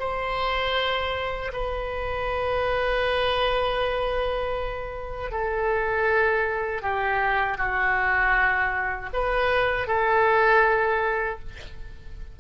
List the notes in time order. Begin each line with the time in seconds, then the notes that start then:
0.00 C5
1.53 B4
5.32 A4
6.82 G4
7.58 F#4
9.14 B4
9.88 A4